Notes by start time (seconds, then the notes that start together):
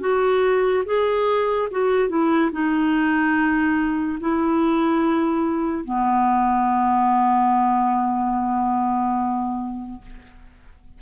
0.00 F#4
0.85 G#4
1.71 F#4
2.09 E4
2.52 D#4
4.20 E4
5.84 B3